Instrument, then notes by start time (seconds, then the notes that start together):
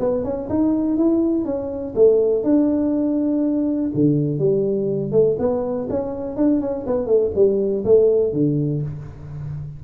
tuba
0.00 B3
0.24 C#4
0.50 D#4
0.97 E4
1.45 C#4
1.96 A3
2.44 D4
3.95 D3
4.39 G3
5.12 A3
5.39 B3
5.90 C#4
6.37 D4
6.61 C#4
6.87 B3
7.07 A3
7.36 G3
7.85 A3
8.33 D3